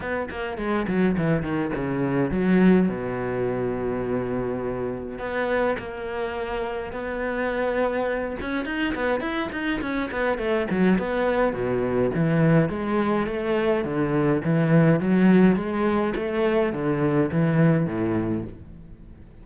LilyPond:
\new Staff \with { instrumentName = "cello" } { \time 4/4 \tempo 4 = 104 b8 ais8 gis8 fis8 e8 dis8 cis4 | fis4 b,2.~ | b,4 b4 ais2 | b2~ b8 cis'8 dis'8 b8 |
e'8 dis'8 cis'8 b8 a8 fis8 b4 | b,4 e4 gis4 a4 | d4 e4 fis4 gis4 | a4 d4 e4 a,4 | }